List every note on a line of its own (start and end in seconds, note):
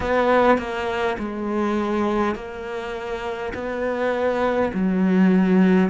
0.00 0.58 B3
0.58 1.17 A#3
1.18 2.35 G#3
2.35 3.52 A#3
3.53 4.71 B3
4.73 5.89 F#3